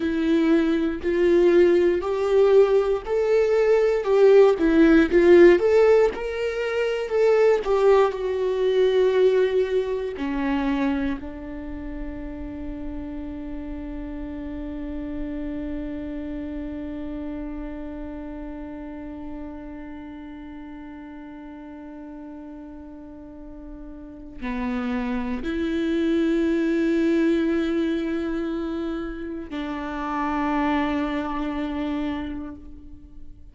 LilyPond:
\new Staff \with { instrumentName = "viola" } { \time 4/4 \tempo 4 = 59 e'4 f'4 g'4 a'4 | g'8 e'8 f'8 a'8 ais'4 a'8 g'8 | fis'2 cis'4 d'4~ | d'1~ |
d'1~ | d'1 | b4 e'2.~ | e'4 d'2. | }